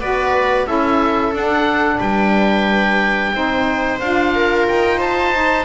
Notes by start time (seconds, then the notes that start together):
0.00 B3 F#4 B4 D5
0.66 C#4 E4 A4 E5
1.32 D4 F#5
1.99 G3 B4 G5
3.33 C4 D#4 C5
4.00 D4 F4 F5
4.35 A#4
4.68 D#4 G5
4.98 C5 A5
5.33 D#4